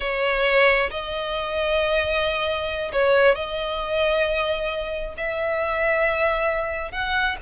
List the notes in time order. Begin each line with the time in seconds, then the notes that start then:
0.00 C#5
0.90 D#5
2.92 C#5
3.35 D#5
5.17 E5
6.91 F#5